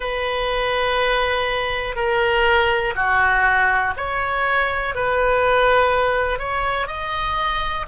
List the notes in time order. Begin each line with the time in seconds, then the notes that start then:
0.00 B4
1.95 A#4
2.95 F#4
3.96 C#5
4.94 B4
6.38 C#5
6.87 D#5